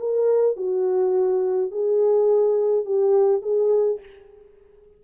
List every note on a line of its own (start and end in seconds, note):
0.00 0.57 A#4
0.57 1.72 F#4
1.72 2.86 G#4
2.86 3.42 G4
3.42 4.00 G#4